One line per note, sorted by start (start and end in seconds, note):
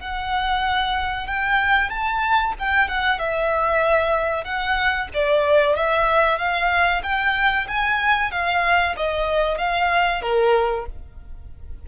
0.00 1.27 F#5
1.27 1.90 G5
1.90 2.54 A5
2.59 2.89 G5
2.89 3.19 F#5
3.19 4.45 E5
4.45 5.09 F#5
5.14 5.76 D5
5.76 6.38 E5
6.38 7.02 F5
7.03 7.67 G5
7.68 8.32 G#5
8.32 8.96 F5
8.97 9.58 D#5
9.58 10.22 F5
10.22 10.86 A#4